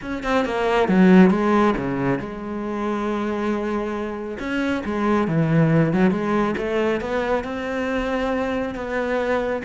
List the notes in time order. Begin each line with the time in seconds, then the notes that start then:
0.01 C#4
0.23 C4
0.45 A#3
0.88 F#3
1.30 G#3
1.77 C#3
2.19 G#3
4.39 C#4
4.85 G#3
5.27 E3
5.93 F#3
6.11 G#3
6.57 A3
7.01 B3
7.44 C4
8.74 B3